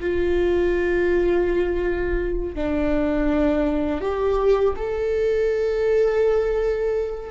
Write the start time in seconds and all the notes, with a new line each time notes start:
0.00 F4
2.55 D4
4.00 G4
4.76 A4